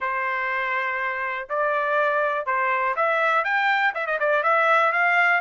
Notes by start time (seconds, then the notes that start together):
0.00 C5
1.49 D5
2.46 C5
2.96 E5
3.44 G5
3.94 E5
4.06 D#5
4.19 D5
4.43 E5
4.92 F5